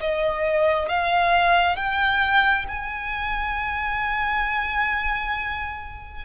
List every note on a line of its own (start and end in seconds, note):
0.00 0.88 D#5
0.88 1.76 F5
1.76 2.65 G5
2.68 6.24 G#5